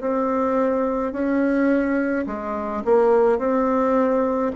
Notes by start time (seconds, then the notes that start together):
0.00 C4
1.12 C#4
2.26 G#3
2.85 A#3
3.38 C4